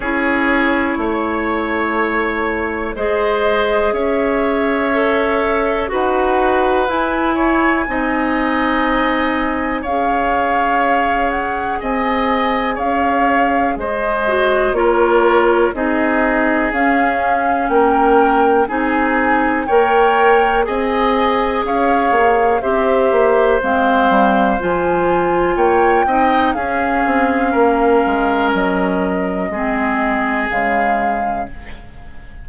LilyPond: <<
  \new Staff \with { instrumentName = "flute" } { \time 4/4 \tempo 4 = 61 cis''2. dis''4 | e''2 fis''4 gis''4~ | gis''2 f''4. fis''8 | gis''4 f''4 dis''4 cis''4 |
dis''4 f''4 g''4 gis''4 | g''4 gis''4 f''4 e''4 | f''4 gis''4 g''4 f''4~ | f''4 dis''2 f''4 | }
  \new Staff \with { instrumentName = "oboe" } { \time 4/4 gis'4 cis''2 c''4 | cis''2 b'4. cis''8 | dis''2 cis''2 | dis''4 cis''4 c''4 ais'4 |
gis'2 ais'4 gis'4 | cis''4 dis''4 cis''4 c''4~ | c''2 cis''8 dis''8 gis'4 | ais'2 gis'2 | }
  \new Staff \with { instrumentName = "clarinet" } { \time 4/4 e'2. gis'4~ | gis'4 a'4 fis'4 e'4 | dis'2 gis'2~ | gis'2~ gis'8 fis'8 f'4 |
dis'4 cis'2 dis'4 | ais'4 gis'2 g'4 | c'4 f'4. dis'8 cis'4~ | cis'2 c'4 gis4 | }
  \new Staff \with { instrumentName = "bassoon" } { \time 4/4 cis'4 a2 gis4 | cis'2 dis'4 e'4 | c'2 cis'2 | c'4 cis'4 gis4 ais4 |
c'4 cis'4 ais4 c'4 | ais4 c'4 cis'8 ais8 c'8 ais8 | gis8 g8 f4 ais8 c'8 cis'8 c'8 | ais8 gis8 fis4 gis4 cis4 | }
>>